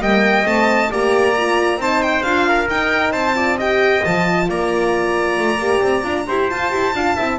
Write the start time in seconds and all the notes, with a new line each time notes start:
0.00 G3 A#3 D#5 G5
0.44 A3 C4 A5
0.91 A#3 G4 D5 A#5
1.37 F4
1.77 C4 D#4 C5 A5
2.02 G5
2.22 D4 F4 F5
2.49 A#4
2.67 D#4 G5
3.11 C4 C5 A5
3.35 F4 D5
3.58 G4 D#5 G5
4.04 F3 F4 A5
4.49 A#3 D5 A#5
5.38 A3
5.59 A#3 G4
5.81 C4
6.03 D4 F4
6.27 E4 G4 C5
6.50 F4 A5
6.70 E4 G4
6.94 D4 F4 F5
7.16 C4 E4 E5